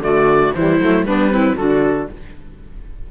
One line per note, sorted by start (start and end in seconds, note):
0.00 0.52 D3
0.00 0.53 A3
0.00 0.55 F#4
0.00 0.54 D5
0.54 0.80 E3
0.54 0.81 G3
0.54 1.06 E4
0.54 1.05 C5
0.80 1.02 F#3
0.80 1.07 A3
1.02 1.54 G3
1.02 1.31 B3
1.02 1.32 D4
1.02 1.57 B4
1.31 1.57 C4
1.31 1.57 E4
1.57 2.08 D3
1.57 2.11 D4
1.57 2.09 F#4
1.57 2.08 A4